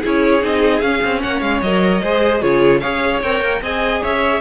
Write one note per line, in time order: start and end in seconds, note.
0.00 0.43 C#4
0.00 0.41 E4
0.00 1.20 G#4
0.00 0.45 C#5
0.41 0.82 C4
0.41 0.81 D#4
0.41 0.81 D#5
0.81 1.02 C#4
0.81 1.63 C#4
0.81 1.21 F5
1.04 1.24 C4
1.21 1.41 A#3
1.21 2.02 C#5
1.21 1.41 F#5
1.41 1.61 G#3
1.41 1.61 F5
1.61 2.01 F#3
1.61 2.03 A#4
1.61 2.41 D#5
2.02 2.42 G#3
2.02 2.41 G#4
2.02 2.42 C5
2.41 2.82 C#3
2.41 2.81 F4
2.41 2.81 G#4
2.41 2.80 C#5
2.80 3.23 C#4
2.80 3.22 G#4
2.80 3.61 C#5
2.80 3.20 F5
3.22 3.41 C4
3.22 3.62 A#4
3.22 3.62 G5
3.41 3.61 A#3
3.61 4.01 C4
3.61 4.40 G#4
3.61 4.02 D#5
3.61 4.03 G#5
4.02 4.40 C#4
4.02 4.40 C#5
4.02 4.40 E5